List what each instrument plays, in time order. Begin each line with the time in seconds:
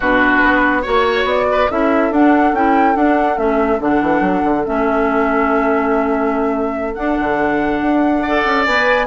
0.00 bassoon B2, clarinet D4, oboe F#4, flute B4
0.42 bassoon B3
0.82 bassoon A#3, clarinet F#4, oboe C#5, flute C#5
1.24 bassoon B3, flute D5
1.51 oboe B4
1.70 bassoon C#4, clarinet E4, oboe A4, flute E5
2.11 bassoon D4, clarinet D4, flute F#5
2.52 bassoon C#4, clarinet E4, flute G5
2.95 clarinet D4, bassoon D4, flute F#5
3.36 bassoon A3, clarinet C#4, flute E5
3.80 bassoon D3, clarinet D4, flute F#5
4.01 bassoon E3
4.20 bassoon F#3
4.44 bassoon D3
4.64 bassoon A3, clarinet C#4, flute E5
6.94 clarinet D4, bassoon D4, flute F#5
7.19 bassoon D3
7.81 bassoon D4
8.22 clarinet A4, oboe D5
8.44 bassoon C#4
8.65 bassoon B3, clarinet B4, flute G#5